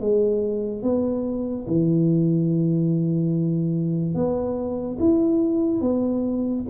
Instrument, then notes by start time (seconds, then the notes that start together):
tuba
0.00 G#3
0.83 B3
1.67 E3
4.14 B3
4.99 E4
5.81 B3